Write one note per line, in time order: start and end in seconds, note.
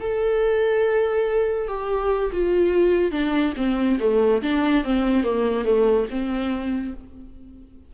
0.00 1.68 A4
1.68 2.31 G4
2.32 3.11 F4
3.11 3.53 D4
3.56 3.98 C4
4.00 4.42 A3
4.42 4.84 D4
4.84 5.23 C4
5.23 5.65 A#3
5.65 6.07 A3
6.10 6.94 C4